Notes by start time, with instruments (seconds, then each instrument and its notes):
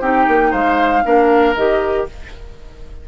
0.00 bassoon C4, clarinet D#4, oboe G4, flute G5
0.27 bassoon A#3
0.51 bassoon G#3, oboe C5, flute F5
1.04 bassoon A#3, clarinet D4, oboe A#4
1.54 bassoon D#3, clarinet G4, flute D#5